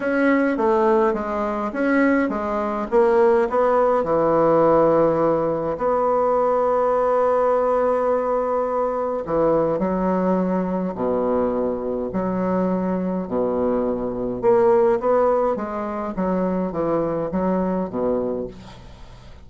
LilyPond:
\new Staff \with { instrumentName = "bassoon" } { \time 4/4 \tempo 4 = 104 cis'4 a4 gis4 cis'4 | gis4 ais4 b4 e4~ | e2 b2~ | b1 |
e4 fis2 b,4~ | b,4 fis2 b,4~ | b,4 ais4 b4 gis4 | fis4 e4 fis4 b,4 | }